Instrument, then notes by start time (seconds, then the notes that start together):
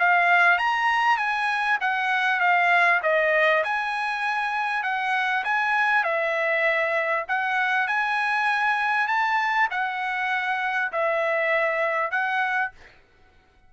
trumpet
0.00 F5
0.58 A#5
1.18 G#5
1.81 F#5
2.40 F5
3.03 D#5
3.64 G#5
4.83 F#5
5.44 G#5
6.04 E5
7.28 F#5
7.88 G#5
9.08 A5
9.71 F#5
10.92 E5
12.11 F#5